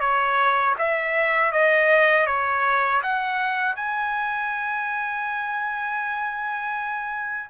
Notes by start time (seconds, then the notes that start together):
0.00 C#5
0.78 E5
1.52 D#5
2.26 C#5
3.03 F#5
3.76 G#5